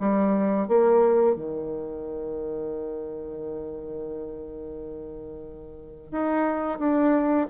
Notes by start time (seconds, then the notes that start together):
0.00 G3
0.68 A#3
1.36 D#3
6.12 D#4
6.79 D4